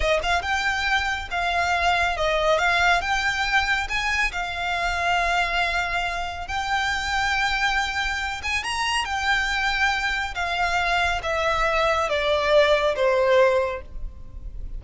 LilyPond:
\new Staff \with { instrumentName = "violin" } { \time 4/4 \tempo 4 = 139 dis''8 f''8 g''2 f''4~ | f''4 dis''4 f''4 g''4~ | g''4 gis''4 f''2~ | f''2. g''4~ |
g''2.~ g''8 gis''8 | ais''4 g''2. | f''2 e''2 | d''2 c''2 | }